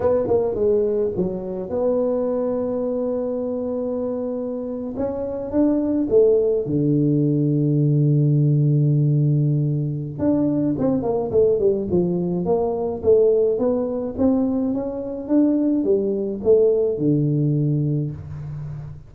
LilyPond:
\new Staff \with { instrumentName = "tuba" } { \time 4/4 \tempo 4 = 106 b8 ais8 gis4 fis4 b4~ | b1~ | b8. cis'4 d'4 a4 d16~ | d1~ |
d2 d'4 c'8 ais8 | a8 g8 f4 ais4 a4 | b4 c'4 cis'4 d'4 | g4 a4 d2 | }